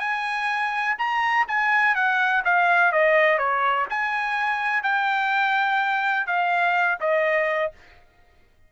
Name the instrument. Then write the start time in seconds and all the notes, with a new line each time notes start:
trumpet
0.00 G#5
0.98 A#5
1.48 G#5
1.95 F#5
2.45 F5
2.92 D#5
3.38 C#5
3.90 G#5
4.83 G5
6.27 F5
7.00 D#5